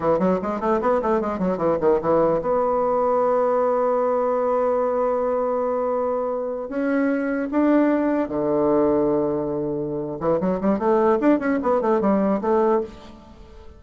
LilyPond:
\new Staff \with { instrumentName = "bassoon" } { \time 4/4 \tempo 4 = 150 e8 fis8 gis8 a8 b8 a8 gis8 fis8 | e8 dis8 e4 b2~ | b1~ | b1~ |
b8. cis'2 d'4~ d'16~ | d'8. d2.~ d16~ | d4. e8 fis8 g8 a4 | d'8 cis'8 b8 a8 g4 a4 | }